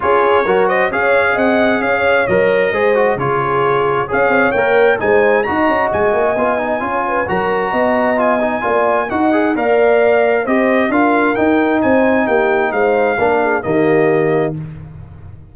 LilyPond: <<
  \new Staff \with { instrumentName = "trumpet" } { \time 4/4 \tempo 4 = 132 cis''4. dis''8 f''4 fis''4 | f''4 dis''2 cis''4~ | cis''4 f''4 g''4 gis''4 | ais''4 gis''2. |
ais''2 gis''2 | fis''4 f''2 dis''4 | f''4 g''4 gis''4 g''4 | f''2 dis''2 | }
  \new Staff \with { instrumentName = "horn" } { \time 4/4 gis'4 ais'8 c''8 cis''4 dis''4 | cis''2 c''4 gis'4~ | gis'4 cis''2 c''4 | dis''2. cis''8 b'8 |
ais'4 dis''2 d''4 | dis''4 d''2 c''4 | ais'2 c''4 g'4 | c''4 ais'8 gis'8 g'2 | }
  \new Staff \with { instrumentName = "trombone" } { \time 4/4 f'4 fis'4 gis'2~ | gis'4 ais'4 gis'8 fis'8 f'4~ | f'4 gis'4 ais'4 dis'4 | fis'2 f'8 dis'8 f'4 |
fis'2 f'8 dis'8 f'4 | fis'8 gis'8 ais'2 g'4 | f'4 dis'2.~ | dis'4 d'4 ais2 | }
  \new Staff \with { instrumentName = "tuba" } { \time 4/4 cis'4 fis4 cis'4 c'4 | cis'4 fis4 gis4 cis4~ | cis4 cis'8 c'8 ais4 gis4 | dis'8 cis'8 gis8 ais8 b4 cis'4 |
fis4 b2 ais4 | dis'4 ais2 c'4 | d'4 dis'4 c'4 ais4 | gis4 ais4 dis2 | }
>>